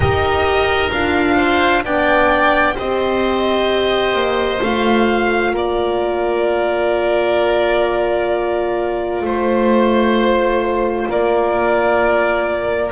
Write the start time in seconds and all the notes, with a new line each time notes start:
0.00 D#4 G4 A#4 D#5
0.92 D4 F4 F5
1.36 C5
1.83 B3 D4 D5 G5
2.74 C4 G4 C5 D#5
4.13 A#3
4.62 A3 F4 F5
5.52 A#3 A#4 D5
9.21 A3 C5
9.27 C5
11.09 A#3 A#4 D5